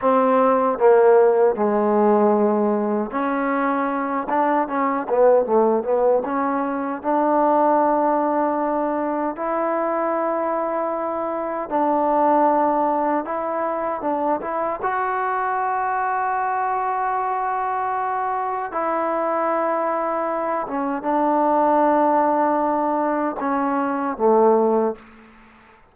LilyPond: \new Staff \with { instrumentName = "trombone" } { \time 4/4 \tempo 4 = 77 c'4 ais4 gis2 | cis'4. d'8 cis'8 b8 a8 b8 | cis'4 d'2. | e'2. d'4~ |
d'4 e'4 d'8 e'8 fis'4~ | fis'1 | e'2~ e'8 cis'8 d'4~ | d'2 cis'4 a4 | }